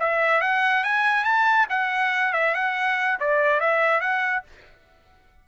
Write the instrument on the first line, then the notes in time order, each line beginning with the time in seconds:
trumpet
0.00 E5
0.42 F#5
0.84 G#5
1.25 A5
1.70 F#5
2.33 E5
2.55 F#5
3.20 D5
3.61 E5
4.01 F#5